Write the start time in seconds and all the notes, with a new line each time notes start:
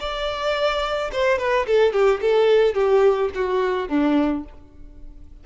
0.00 D5
1.13 C5
1.39 B4
1.67 A4
1.93 G4
2.21 A4
2.75 G4
3.35 F#4
3.89 D4